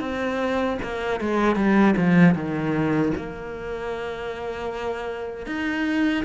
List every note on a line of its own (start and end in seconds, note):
0.00 0.78 C4
0.83 1.21 A#3
1.21 1.55 G#3
1.55 1.95 G3
1.97 2.35 F3
2.35 3.13 D#3
3.17 5.47 A#3
5.47 6.24 D#4